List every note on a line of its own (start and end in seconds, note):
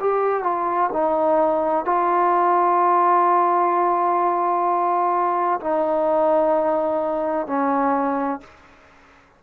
0.00 0.43 G4
0.43 0.90 F4
0.93 1.85 D#4
1.85 5.60 F4
5.60 7.47 D#4
7.47 8.40 C#4